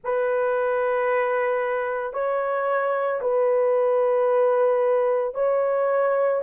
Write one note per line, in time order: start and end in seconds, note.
0.03 2.13 B4
2.13 3.20 C#5
3.21 5.34 B4
5.34 6.41 C#5